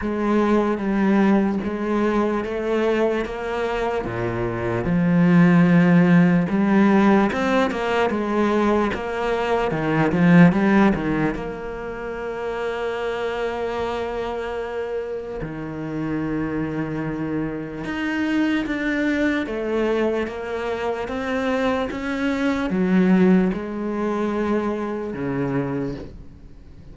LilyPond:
\new Staff \with { instrumentName = "cello" } { \time 4/4 \tempo 4 = 74 gis4 g4 gis4 a4 | ais4 ais,4 f2 | g4 c'8 ais8 gis4 ais4 | dis8 f8 g8 dis8 ais2~ |
ais2. dis4~ | dis2 dis'4 d'4 | a4 ais4 c'4 cis'4 | fis4 gis2 cis4 | }